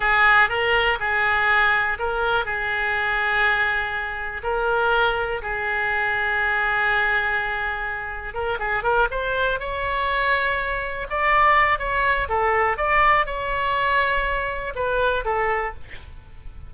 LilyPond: \new Staff \with { instrumentName = "oboe" } { \time 4/4 \tempo 4 = 122 gis'4 ais'4 gis'2 | ais'4 gis'2.~ | gis'4 ais'2 gis'4~ | gis'1~ |
gis'4 ais'8 gis'8 ais'8 c''4 cis''8~ | cis''2~ cis''8 d''4. | cis''4 a'4 d''4 cis''4~ | cis''2 b'4 a'4 | }